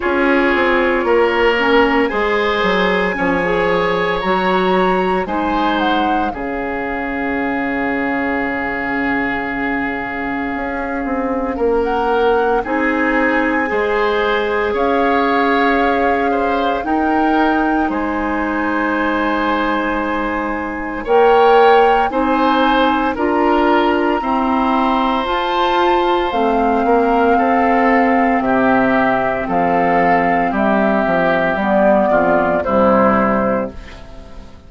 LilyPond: <<
  \new Staff \with { instrumentName = "flute" } { \time 4/4 \tempo 4 = 57 cis''2 gis''2 | ais''4 gis''8 fis''8 f''2~ | f''2.~ f''16 fis''8. | gis''2 f''2 |
g''4 gis''2. | g''4 gis''4 ais''2 | a''4 f''2 e''4 | f''4 e''4 d''4 c''4 | }
  \new Staff \with { instrumentName = "oboe" } { \time 4/4 gis'4 ais'4 c''4 cis''4~ | cis''4 c''4 gis'2~ | gis'2. ais'4 | gis'4 c''4 cis''4. c''8 |
ais'4 c''2. | cis''4 c''4 ais'4 c''4~ | c''4. ais'8 a'4 g'4 | a'4 g'4. f'8 e'4 | }
  \new Staff \with { instrumentName = "clarinet" } { \time 4/4 f'4. cis'8 gis'4 cis'16 gis'8. | fis'4 dis'4 cis'2~ | cis'1 | dis'4 gis'2. |
dis'1 | ais'4 dis'4 f'4 c'4 | f'4 c'2.~ | c'2 b4 g4 | }
  \new Staff \with { instrumentName = "bassoon" } { \time 4/4 cis'8 c'8 ais4 gis8 fis8 f4 | fis4 gis4 cis2~ | cis2 cis'8 c'8 ais4 | c'4 gis4 cis'2 |
dis'4 gis2. | ais4 c'4 d'4 e'4 | f'4 a8 ais8 c'4 c4 | f4 g8 f8 g8 f,8 c4 | }
>>